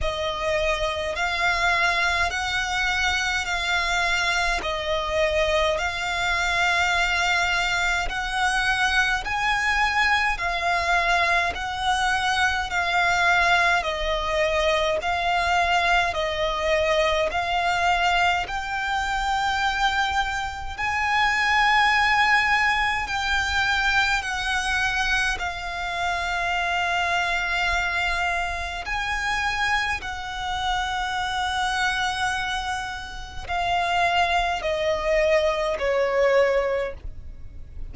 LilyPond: \new Staff \with { instrumentName = "violin" } { \time 4/4 \tempo 4 = 52 dis''4 f''4 fis''4 f''4 | dis''4 f''2 fis''4 | gis''4 f''4 fis''4 f''4 | dis''4 f''4 dis''4 f''4 |
g''2 gis''2 | g''4 fis''4 f''2~ | f''4 gis''4 fis''2~ | fis''4 f''4 dis''4 cis''4 | }